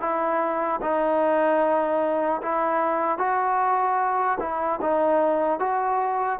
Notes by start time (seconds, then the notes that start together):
0.00 E4
0.81 D#4
2.42 E4
3.18 F#4
4.40 E4
4.81 D#4
5.59 F#4